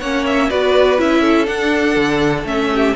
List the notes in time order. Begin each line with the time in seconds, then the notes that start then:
0.00 A#3 C#4 C#5 F#5
0.26 E5
0.50 B3 F#4 B4 D5
0.99 C#4 E4 E5
1.22 A4
1.46 D4 F#5
1.97 D3
2.44 A3 C#4 E5
2.75 G4